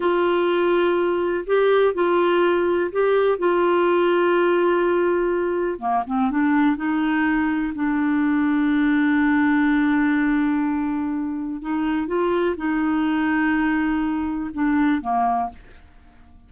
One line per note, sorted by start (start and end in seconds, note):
0.00 1.44 F4
1.46 1.94 G4
1.94 2.90 F4
2.92 3.38 G4
3.38 5.79 F4
5.79 6.03 A#3
6.07 6.30 C4
6.30 6.76 D4
6.76 7.73 D#4
7.75 11.61 D4
11.61 12.07 D#4
12.07 12.55 F4
12.57 14.50 D#4
14.53 15.01 D4
15.01 15.49 A#3